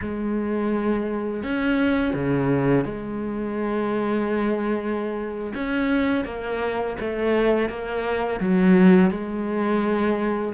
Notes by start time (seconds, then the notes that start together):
0.01 G#3
1.43 C#4
2.13 C#3
2.84 G#3
5.54 C#4
6.24 A#3
7.00 A3
7.69 A#3
8.39 F#3
9.10 G#3